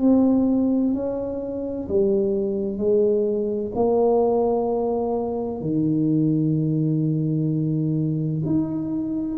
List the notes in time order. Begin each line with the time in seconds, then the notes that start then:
0.00 C4
0.93 C#4
1.88 G3
2.77 G#3
3.75 A#3
5.60 D#3
8.45 D#4